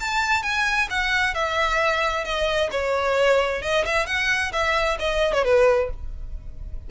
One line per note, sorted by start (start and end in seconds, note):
0.00 0.43 A5
0.43 0.88 G#5
0.90 1.34 F#5
1.34 2.24 E5
2.24 2.70 D#5
2.71 3.62 C#5
3.62 3.85 D#5
3.85 4.07 E5
4.07 4.52 F#5
4.52 4.98 E5
4.99 5.33 D#5
5.33 5.45 C#5
5.45 5.90 B4